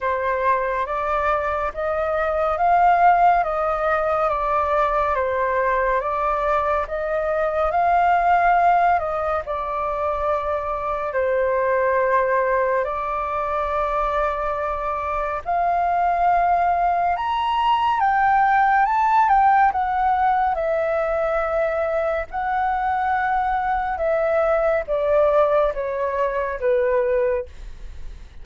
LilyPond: \new Staff \with { instrumentName = "flute" } { \time 4/4 \tempo 4 = 70 c''4 d''4 dis''4 f''4 | dis''4 d''4 c''4 d''4 | dis''4 f''4. dis''8 d''4~ | d''4 c''2 d''4~ |
d''2 f''2 | ais''4 g''4 a''8 g''8 fis''4 | e''2 fis''2 | e''4 d''4 cis''4 b'4 | }